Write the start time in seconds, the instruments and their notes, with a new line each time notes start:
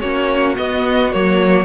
0.00 cello A#3, viola C#4, violin F#4 C#5
0.55 viola B3, cello B3, violin D#5
1.12 cello F#3, viola A#3, violin C#5